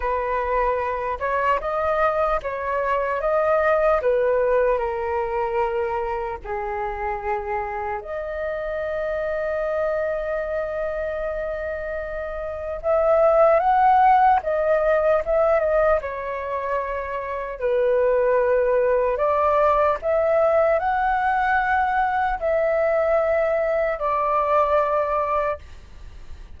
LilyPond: \new Staff \with { instrumentName = "flute" } { \time 4/4 \tempo 4 = 75 b'4. cis''8 dis''4 cis''4 | dis''4 b'4 ais'2 | gis'2 dis''2~ | dis''1 |
e''4 fis''4 dis''4 e''8 dis''8 | cis''2 b'2 | d''4 e''4 fis''2 | e''2 d''2 | }